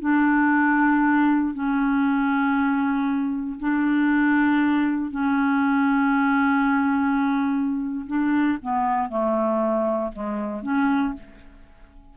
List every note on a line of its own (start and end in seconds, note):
0.00 1.54 D4
1.54 3.59 C#4
3.59 5.10 D4
5.10 8.05 C#4
8.07 8.58 D4
8.62 9.09 B3
9.09 10.12 A3
10.12 10.62 G#3
10.62 11.14 C#4